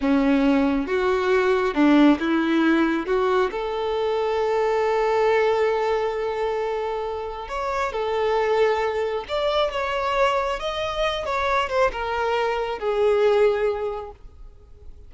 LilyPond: \new Staff \with { instrumentName = "violin" } { \time 4/4 \tempo 4 = 136 cis'2 fis'2 | d'4 e'2 fis'4 | a'1~ | a'1~ |
a'4 cis''4 a'2~ | a'4 d''4 cis''2 | dis''4. cis''4 c''8 ais'4~ | ais'4 gis'2. | }